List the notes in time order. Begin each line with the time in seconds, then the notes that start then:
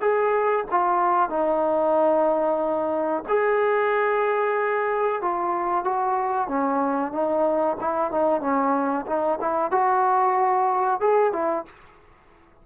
0.00 G#4
0.71 F4
1.29 D#4
3.28 G#4
5.21 F4
5.84 F#4
6.48 C#4
7.12 D#4
7.80 E4
8.11 D#4
8.40 C#4
9.06 D#4
9.40 E4
9.71 F#4
11.00 G#4
11.32 E4